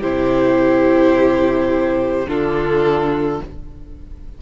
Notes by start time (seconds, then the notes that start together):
0.00 C3 E4 G4 C5
2.27 D3 D4 F4 A4